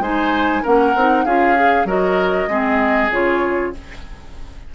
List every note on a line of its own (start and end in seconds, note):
0.00 0.62 G#3
0.00 0.64 D#4
0.00 0.63 C5
0.00 0.64 G#5
0.63 0.95 A#3
0.63 0.95 C#4
0.63 1.25 A#4
0.63 1.25 F#5
0.95 1.26 C4
0.95 1.27 D#4
1.25 1.85 C#4
1.25 1.56 F4
1.25 1.87 G#4
1.25 1.87 F5
1.56 1.87 G#4
1.85 2.47 F#3
1.85 2.49 F#4
1.85 2.49 A#4
1.85 3.13 D#5
2.48 3.10 G#3
2.48 3.11 C4
2.48 3.74 G#4
3.11 3.73 C#3
3.11 3.74 F4
3.11 3.75 C#5